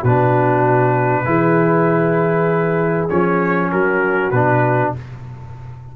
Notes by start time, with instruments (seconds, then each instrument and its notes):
0.00 tuba B2, trombone D4, horn F#4, trumpet B4
1.25 tuba E3, trombone E4, horn G#4
3.09 tuba F3, trombone C#4, trumpet C#5
3.71 tuba F#3, horn F#4, trumpet A#4
4.31 tuba B2, trombone D4, trumpet B4